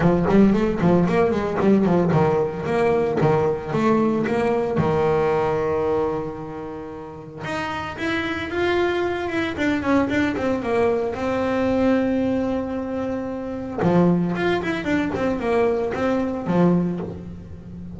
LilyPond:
\new Staff \with { instrumentName = "double bass" } { \time 4/4 \tempo 4 = 113 f8 g8 a8 f8 ais8 gis8 g8 f8 | dis4 ais4 dis4 a4 | ais4 dis2.~ | dis2 dis'4 e'4 |
f'4. e'8 d'8 cis'8 d'8 c'8 | ais4 c'2.~ | c'2 f4 f'8 e'8 | d'8 c'8 ais4 c'4 f4 | }